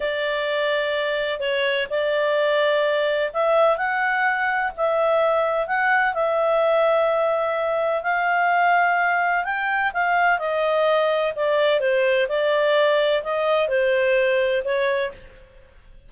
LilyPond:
\new Staff \with { instrumentName = "clarinet" } { \time 4/4 \tempo 4 = 127 d''2. cis''4 | d''2. e''4 | fis''2 e''2 | fis''4 e''2.~ |
e''4 f''2. | g''4 f''4 dis''2 | d''4 c''4 d''2 | dis''4 c''2 cis''4 | }